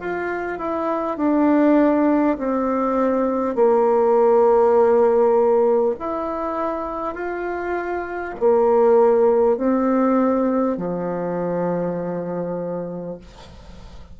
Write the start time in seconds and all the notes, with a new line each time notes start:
0.00 F4
0.59 E4
1.18 D4
2.38 C4
3.56 A#3
5.99 E4
7.15 F4
8.40 A#3
9.57 C4
10.78 F3